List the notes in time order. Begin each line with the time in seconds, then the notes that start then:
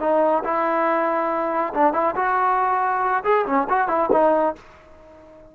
0.00 D#4
0.44 E4
1.74 D4
1.93 E4
2.15 F#4
3.24 G#4
3.46 C#4
3.69 F#4
3.88 E4
4.12 D#4